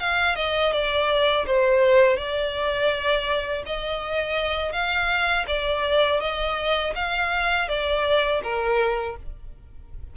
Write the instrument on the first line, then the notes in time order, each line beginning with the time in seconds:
violin
0.00 F5
0.36 D#5
0.73 D5
1.47 C5
2.18 D5
3.67 D#5
4.73 F5
5.48 D5
6.21 D#5
6.96 F5
7.69 D5
8.43 A#4